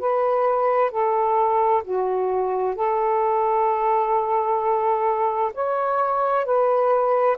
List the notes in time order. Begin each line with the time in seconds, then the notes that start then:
0.00 B4
0.91 A4
1.85 F#4
2.76 A4
5.55 C#5
6.45 B4